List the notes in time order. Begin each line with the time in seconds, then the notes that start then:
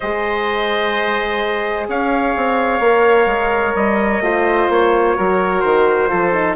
0.00 G#3 G#4 C5 D#5
1.88 C#4 C#5 F5
2.36 C4
2.79 A#3 A#4
3.26 G#3
3.74 G3 D#5
4.20 A3 F4 C5
4.69 A#3 C#5
5.14 F#3 F#4 A#4
5.60 D#3 C5
6.07 F3 F4 A4
6.32 D#4